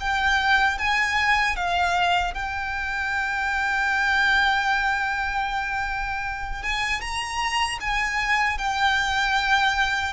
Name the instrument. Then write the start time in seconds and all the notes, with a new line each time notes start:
violin
0.00 G5
0.78 G#5
1.56 F5
2.34 G5
6.63 G#5
7.01 A#5
7.80 G#5
8.58 G5